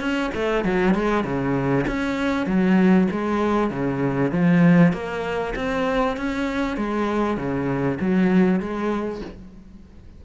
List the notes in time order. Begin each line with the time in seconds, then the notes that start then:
0.00 C#4
0.35 A3
0.64 F#3
0.94 G#3
1.24 C#3
1.87 C#4
2.46 F#3
3.11 G#3
3.70 C#3
4.31 F3
4.93 A#3
5.55 C4
6.17 C#4
6.77 G#3
7.37 C#3
8.00 F#3
8.60 G#3